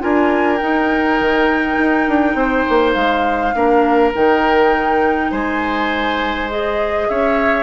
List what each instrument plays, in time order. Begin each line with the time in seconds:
0.00 bassoon D4, clarinet F4, oboe A#4, flute G#5
0.57 clarinet D#4, bassoon D#4, flute G5
1.20 bassoon D#3
1.78 bassoon D#4
2.08 bassoon D4
2.35 bassoon C4, oboe C5
2.69 bassoon A#3
2.93 bassoon G#3, flute F5
3.54 bassoon A#3, clarinet D4, oboe A#4
4.15 bassoon D#3, clarinet D#4, flute G5
5.31 bassoon G#3, oboe C5, flute G#5
6.50 clarinet G#4, flute D#5
7.09 bassoon C#4, oboe C#5, flute E5